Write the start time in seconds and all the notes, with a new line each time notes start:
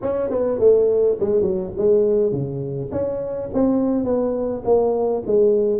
0.02 C#4
0.29 B3
0.59 A3
1.19 G#3
1.41 F#3
1.77 G#3
2.31 C#3
2.91 C#4
3.53 C4
4.04 B3
4.64 A#3
5.26 G#3